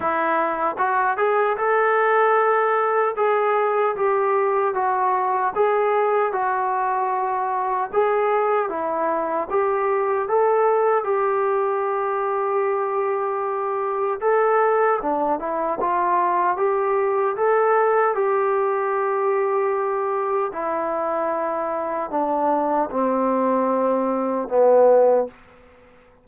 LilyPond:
\new Staff \with { instrumentName = "trombone" } { \time 4/4 \tempo 4 = 76 e'4 fis'8 gis'8 a'2 | gis'4 g'4 fis'4 gis'4 | fis'2 gis'4 e'4 | g'4 a'4 g'2~ |
g'2 a'4 d'8 e'8 | f'4 g'4 a'4 g'4~ | g'2 e'2 | d'4 c'2 b4 | }